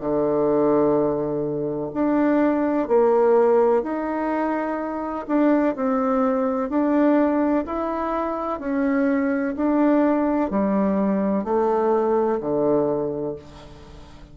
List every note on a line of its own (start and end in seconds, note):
0.00 1.90 D3
1.94 2.88 D4
2.88 3.83 A#3
3.83 5.26 D#4
5.28 5.75 D4
5.76 6.70 C4
6.70 7.65 D4
7.66 8.60 E4
8.60 9.55 C#4
9.56 10.50 D4
10.50 11.44 G3
11.44 12.39 A3
12.40 13.35 D3